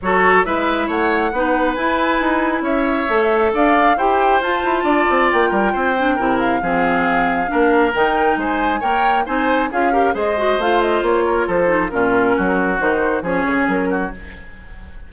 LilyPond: <<
  \new Staff \with { instrumentName = "flute" } { \time 4/4 \tempo 4 = 136 cis''4 e''4 fis''2 | gis''2 e''2 | f''4 g''4 a''2 | g''2~ g''8 f''4.~ |
f''2 g''4 gis''4 | g''4 gis''4 f''4 dis''4 | f''8 dis''8 cis''4 c''4 ais'4~ | ais'4 c''4 cis''4 ais'4 | }
  \new Staff \with { instrumentName = "oboe" } { \time 4/4 a'4 b'4 cis''4 b'4~ | b'2 cis''2 | d''4 c''2 d''4~ | d''8 ais'8 c''4 ais'4 gis'4~ |
gis'4 ais'2 c''4 | cis''4 c''4 gis'8 ais'8 c''4~ | c''4. ais'8 a'4 f'4 | fis'2 gis'4. fis'8 | }
  \new Staff \with { instrumentName = "clarinet" } { \time 4/4 fis'4 e'2 dis'4 | e'2. a'4~ | a'4 g'4 f'2~ | f'4. d'8 e'4 c'4~ |
c'4 d'4 dis'2 | ais'4 dis'4 f'8 g'8 gis'8 fis'8 | f'2~ f'8 dis'8 cis'4~ | cis'4 dis'4 cis'2 | }
  \new Staff \with { instrumentName = "bassoon" } { \time 4/4 fis4 gis4 a4 b4 | e'4 dis'4 cis'4 a4 | d'4 e'4 f'8 e'8 d'8 c'8 | ais8 g8 c'4 c4 f4~ |
f4 ais4 dis4 gis4 | ais4 c'4 cis'4 gis4 | a4 ais4 f4 ais,4 | fis4 dis4 f8 cis8 fis4 | }
>>